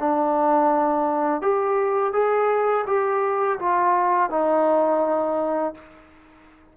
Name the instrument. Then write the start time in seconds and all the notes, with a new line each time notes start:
trombone
0.00 D4
1.42 G4
2.13 G#4
2.87 G4
3.59 F4
4.30 D#4